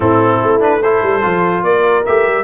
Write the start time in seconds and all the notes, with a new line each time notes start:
0.00 A2 C4 E4 A4
0.42 A3
0.59 D4 B4
0.81 E4 A4 C5
1.02 G3
1.21 F3 F4
1.63 A#3 A#4 D5
2.05 A3 G4 E5
2.27 G3